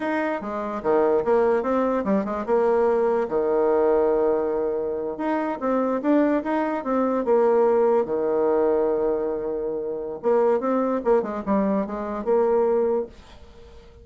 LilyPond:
\new Staff \with { instrumentName = "bassoon" } { \time 4/4 \tempo 4 = 147 dis'4 gis4 dis4 ais4 | c'4 g8 gis8 ais2 | dis1~ | dis8. dis'4 c'4 d'4 dis'16~ |
dis'8. c'4 ais2 dis16~ | dis1~ | dis4 ais4 c'4 ais8 gis8 | g4 gis4 ais2 | }